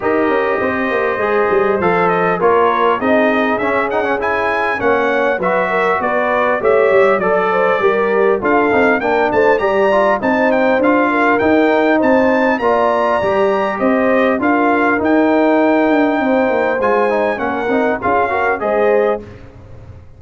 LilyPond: <<
  \new Staff \with { instrumentName = "trumpet" } { \time 4/4 \tempo 4 = 100 dis''2. f''8 dis''8 | cis''4 dis''4 e''8 fis''8 gis''4 | fis''4 e''4 d''4 e''4 | d''2 f''4 g''8 a''8 |
ais''4 a''8 g''8 f''4 g''4 | a''4 ais''2 dis''4 | f''4 g''2. | gis''4 fis''4 f''4 dis''4 | }
  \new Staff \with { instrumentName = "horn" } { \time 4/4 ais'4 c''2. | ais'4 gis'2. | cis''4 b'8 ais'8 b'4 cis''4 | d''8 c''8 ais'4 a'4 ais'8 c''8 |
d''4 c''4. ais'4. | c''4 d''2 c''4 | ais'2. c''4~ | c''4 ais'4 gis'8 ais'8 c''4 | }
  \new Staff \with { instrumentName = "trombone" } { \time 4/4 g'2 gis'4 a'4 | f'4 dis'4 cis'8 dis'16 cis'16 e'4 | cis'4 fis'2 g'4 | a'4 g'4 f'8 dis'8 d'4 |
g'8 f'8 dis'4 f'4 dis'4~ | dis'4 f'4 g'2 | f'4 dis'2. | f'8 dis'8 cis'8 dis'8 f'8 fis'8 gis'4 | }
  \new Staff \with { instrumentName = "tuba" } { \time 4/4 dis'8 cis'8 c'8 ais8 gis8 g8 f4 | ais4 c'4 cis'2 | ais4 fis4 b4 a8 g8 | fis4 g4 d'8 c'8 ais8 a8 |
g4 c'4 d'4 dis'4 | c'4 ais4 g4 c'4 | d'4 dis'4. d'8 c'8 ais8 | gis4 ais8 c'8 cis'4 gis4 | }
>>